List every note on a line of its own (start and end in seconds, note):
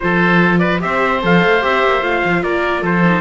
0.00 0.84 F3
0.00 0.79 F4
0.00 0.59 A4
0.00 0.58 C5
0.58 0.79 B4
0.58 0.78 D5
0.79 1.23 C4
0.79 1.19 G4
0.79 2.43 C5
0.79 1.22 E5
1.22 1.43 F3
1.22 1.60 A4
1.22 1.64 F5
1.44 1.64 A3
1.60 1.84 C4
1.60 2.01 G4
1.60 2.03 E5
1.84 2.02 A#3
2.01 2.22 A3
2.01 3.02 F4
2.01 2.43 F5
2.24 2.43 F3
2.43 2.82 A#3
2.43 2.81 A#4
2.43 2.83 D5
2.81 3.21 F3
2.81 3.21 A4
2.81 3.21 C5
3.04 3.21 D#4